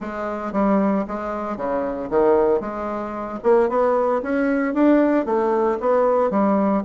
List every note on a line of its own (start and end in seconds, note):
0.00 0.52 G#3
0.52 1.05 G3
1.07 1.56 G#3
1.56 2.09 C#3
2.10 2.60 D#3
2.60 3.39 G#3
3.43 3.69 A#3
3.69 4.21 B3
4.22 4.73 C#4
4.73 5.25 D4
5.25 5.78 A3
5.79 6.30 B3
6.30 6.83 G3